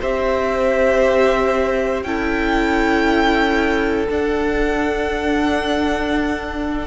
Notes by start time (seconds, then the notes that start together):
0.00 C4 G4 C5 E5
2.03 C#4 E4 A4 G5
4.08 D4 F#5